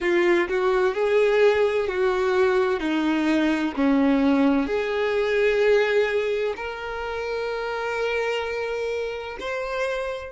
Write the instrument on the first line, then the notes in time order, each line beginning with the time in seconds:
violin
0.00 F4
0.48 F#4
0.94 G#4
1.87 F#4
2.80 D#4
3.76 C#4
4.66 G#4
6.56 A#4
9.39 C5